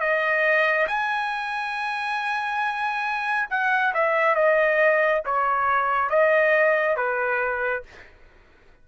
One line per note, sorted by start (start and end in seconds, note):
0.00 0.87 D#5
0.88 3.49 G#5
3.50 3.93 F#5
3.94 4.35 E5
4.35 5.22 D#5
5.25 6.09 C#5
6.09 6.96 D#5
6.96 7.83 B4